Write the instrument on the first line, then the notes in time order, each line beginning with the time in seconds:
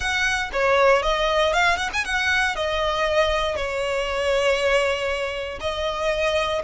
violin
0.00 F#5
0.52 C#5
1.02 D#5
1.53 F5
1.77 F#5
1.93 G#5
2.05 F#5
2.55 D#5
3.55 C#5
5.60 D#5